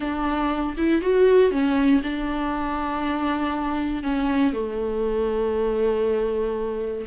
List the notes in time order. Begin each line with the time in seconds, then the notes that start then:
0.00 D4
0.77 E4
1.01 F#4
1.51 C#4
2.03 D4
4.03 C#4
4.53 A3